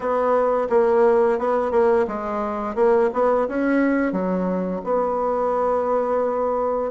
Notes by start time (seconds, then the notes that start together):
0.00 B3
0.69 A#3
1.39 B3
1.71 A#3
2.07 G#3
2.75 A#3
3.13 B3
3.47 C#4
4.12 F#3
4.84 B3